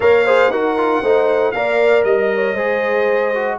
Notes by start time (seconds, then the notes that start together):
0.00 A#3 A#4 C#5 F5
0.25 G#4 C5
0.50 D#4 F#4 A#4 F#5
0.77 F4
1.02 A3 D#4 C5
1.51 A#3 A#4 D5 F5
2.04 G3 D#5
2.34 C#5
2.54 G#3 G#4 C5
3.34 F#4